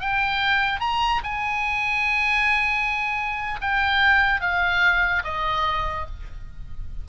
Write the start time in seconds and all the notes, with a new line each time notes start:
0.00 G5
0.80 A#5
1.24 G#5
3.61 G5
4.41 F5
5.24 D#5